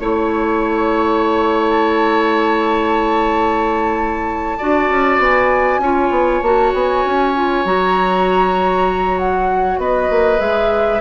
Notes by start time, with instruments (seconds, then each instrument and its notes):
0.00 bassoon A3, clarinet E4, flute C#5, oboe C#5
1.70 flute A5
4.59 bassoon D4, clarinet F#4, oboe D5
4.90 bassoon C#4
5.19 bassoon B3, flute G#5
5.79 bassoon C#4, clarinet F4, oboe C#5
6.10 bassoon B3
6.42 bassoon A#3, clarinet F#4, flute A5
6.74 bassoon B3, flute G#5
7.05 bassoon C#4
7.35 clarinet F4
7.65 bassoon F#3, clarinet F#4, flute A#5
9.18 flute F#5
9.79 bassoon B3, oboe B4, flute D#5
10.10 bassoon A#3
10.38 bassoon G#3, clarinet G#4, flute E5